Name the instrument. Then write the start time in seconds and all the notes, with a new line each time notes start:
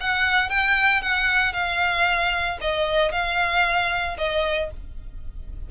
violin
0.00 F#5
0.49 G5
1.02 F#5
1.53 F5
2.61 D#5
3.12 F5
4.18 D#5